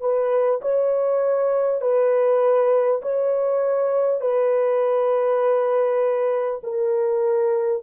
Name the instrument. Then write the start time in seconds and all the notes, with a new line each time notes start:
horn
0.00 B4
0.61 C#5
1.81 B4
3.02 C#5
4.21 B4
6.63 A#4